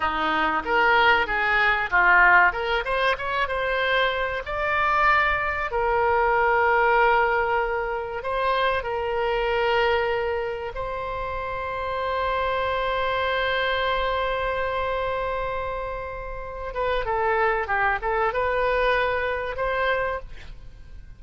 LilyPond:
\new Staff \with { instrumentName = "oboe" } { \time 4/4 \tempo 4 = 95 dis'4 ais'4 gis'4 f'4 | ais'8 c''8 cis''8 c''4. d''4~ | d''4 ais'2.~ | ais'4 c''4 ais'2~ |
ais'4 c''2.~ | c''1~ | c''2~ c''8 b'8 a'4 | g'8 a'8 b'2 c''4 | }